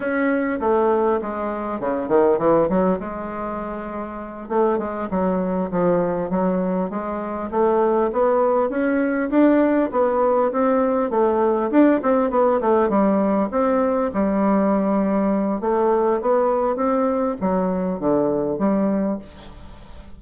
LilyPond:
\new Staff \with { instrumentName = "bassoon" } { \time 4/4 \tempo 4 = 100 cis'4 a4 gis4 cis8 dis8 | e8 fis8 gis2~ gis8 a8 | gis8 fis4 f4 fis4 gis8~ | gis8 a4 b4 cis'4 d'8~ |
d'8 b4 c'4 a4 d'8 | c'8 b8 a8 g4 c'4 g8~ | g2 a4 b4 | c'4 fis4 d4 g4 | }